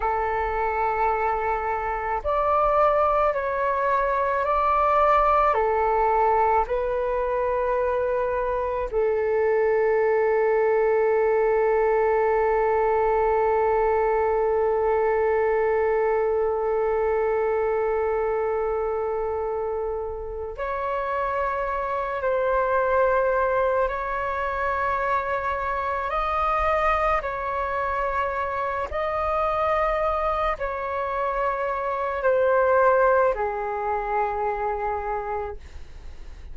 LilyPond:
\new Staff \with { instrumentName = "flute" } { \time 4/4 \tempo 4 = 54 a'2 d''4 cis''4 | d''4 a'4 b'2 | a'1~ | a'1~ |
a'2~ a'8 cis''4. | c''4. cis''2 dis''8~ | dis''8 cis''4. dis''4. cis''8~ | cis''4 c''4 gis'2 | }